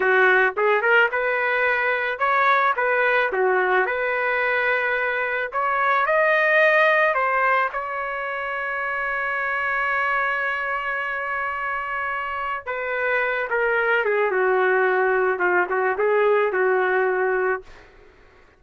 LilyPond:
\new Staff \with { instrumentName = "trumpet" } { \time 4/4 \tempo 4 = 109 fis'4 gis'8 ais'8 b'2 | cis''4 b'4 fis'4 b'4~ | b'2 cis''4 dis''4~ | dis''4 c''4 cis''2~ |
cis''1~ | cis''2. b'4~ | b'8 ais'4 gis'8 fis'2 | f'8 fis'8 gis'4 fis'2 | }